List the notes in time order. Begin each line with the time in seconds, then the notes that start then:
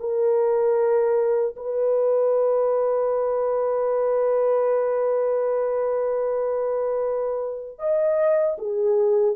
0.00 A#4
1.56 B4
7.79 D#5
8.58 G#4